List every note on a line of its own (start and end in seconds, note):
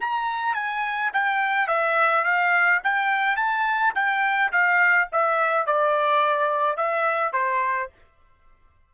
0.00 0.54 A#5
0.54 1.11 G#5
1.13 1.67 G5
1.67 2.24 E5
2.24 2.80 F5
2.83 3.36 G5
3.36 3.93 A5
3.95 4.51 G5
4.52 5.08 F5
5.11 5.66 E5
5.66 6.76 D5
6.76 7.33 E5
7.33 7.89 C5